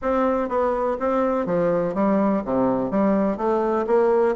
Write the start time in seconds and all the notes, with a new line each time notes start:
0.02 C4
0.48 B3
0.99 C4
1.46 F3
1.94 G3
2.44 C3
2.90 G3
3.37 A3
3.86 A#3